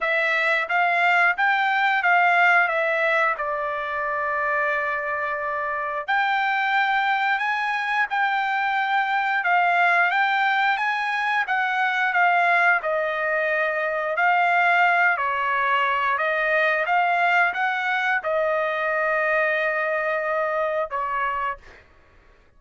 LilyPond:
\new Staff \with { instrumentName = "trumpet" } { \time 4/4 \tempo 4 = 89 e''4 f''4 g''4 f''4 | e''4 d''2.~ | d''4 g''2 gis''4 | g''2 f''4 g''4 |
gis''4 fis''4 f''4 dis''4~ | dis''4 f''4. cis''4. | dis''4 f''4 fis''4 dis''4~ | dis''2. cis''4 | }